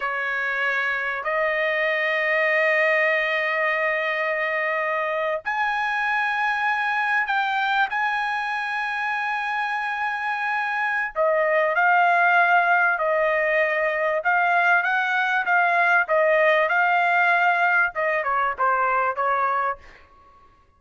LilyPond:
\new Staff \with { instrumentName = "trumpet" } { \time 4/4 \tempo 4 = 97 cis''2 dis''2~ | dis''1~ | dis''8. gis''2. g''16~ | g''8. gis''2.~ gis''16~ |
gis''2 dis''4 f''4~ | f''4 dis''2 f''4 | fis''4 f''4 dis''4 f''4~ | f''4 dis''8 cis''8 c''4 cis''4 | }